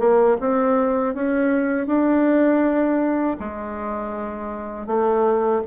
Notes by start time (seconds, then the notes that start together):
0.00 A#3
0.41 C4
1.15 C#4
1.87 D4
3.40 G#3
4.87 A3